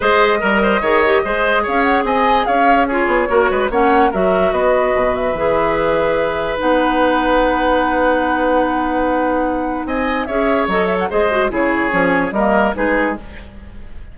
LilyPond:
<<
  \new Staff \with { instrumentName = "flute" } { \time 4/4 \tempo 4 = 146 dis''1 | f''8 fis''8 gis''4 f''4 cis''4~ | cis''4 fis''4 e''4 dis''4~ | dis''8 e''2.~ e''8 |
fis''1~ | fis''1 | gis''4 e''4 dis''8 e''16 fis''16 dis''4 | cis''2 dis''4 b'4 | }
  \new Staff \with { instrumentName = "oboe" } { \time 4/4 c''4 ais'8 c''8 cis''4 c''4 | cis''4 dis''4 cis''4 gis'4 | ais'8 b'8 cis''4 ais'4 b'4~ | b'1~ |
b'1~ | b'1 | dis''4 cis''2 c''4 | gis'2 ais'4 gis'4 | }
  \new Staff \with { instrumentName = "clarinet" } { \time 4/4 gis'4 ais'4 gis'8 g'8 gis'4~ | gis'2. f'4 | fis'4 cis'4 fis'2~ | fis'4 gis'2. |
dis'1~ | dis'1~ | dis'4 gis'4 a'4 gis'8 fis'8 | e'4 cis'4 ais4 dis'4 | }
  \new Staff \with { instrumentName = "bassoon" } { \time 4/4 gis4 g4 dis4 gis4 | cis'4 c'4 cis'4. b8 | ais8 gis8 ais4 fis4 b4 | b,4 e2. |
b1~ | b1 | c'4 cis'4 fis4 gis4 | cis4 f4 g4 gis4 | }
>>